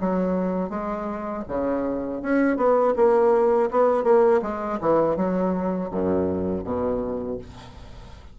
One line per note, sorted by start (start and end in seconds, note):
0.00 0.70 F#3
0.70 1.44 G#3
1.48 2.22 C#3
2.22 2.57 C#4
2.57 2.94 B3
2.96 3.70 A#3
3.71 4.04 B3
4.04 4.41 A#3
4.42 4.79 G#3
4.81 5.16 E3
5.16 5.91 F#3
5.91 6.64 F#2
6.64 7.38 B2